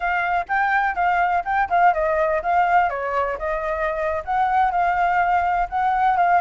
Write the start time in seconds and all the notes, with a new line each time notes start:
0.00 F5
0.48 G5
0.95 F5
1.45 G5
1.69 F5
1.93 D#5
2.42 F5
2.89 C#5
3.38 D#5
4.24 F#5
4.71 F5
5.69 F#5
6.16 F5